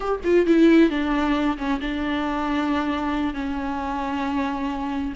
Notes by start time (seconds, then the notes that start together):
0.00 G4
0.24 F4
0.46 E4
0.90 D4
1.57 C#4
1.81 D4
3.34 C#4